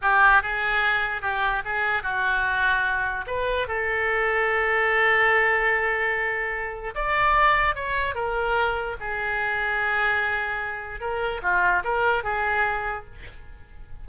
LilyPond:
\new Staff \with { instrumentName = "oboe" } { \time 4/4 \tempo 4 = 147 g'4 gis'2 g'4 | gis'4 fis'2. | b'4 a'2.~ | a'1~ |
a'4 d''2 cis''4 | ais'2 gis'2~ | gis'2. ais'4 | f'4 ais'4 gis'2 | }